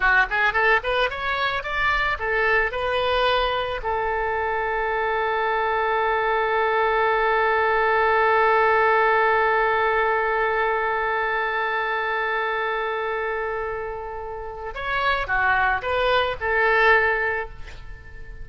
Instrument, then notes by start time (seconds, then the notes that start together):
oboe
0.00 F#4
0.30 G#4
0.53 A4
0.83 B4
1.10 C#5
1.63 D5
2.19 A4
2.71 B4
3.83 A4
14.74 C#5
15.27 F#4
15.82 B4
16.40 A4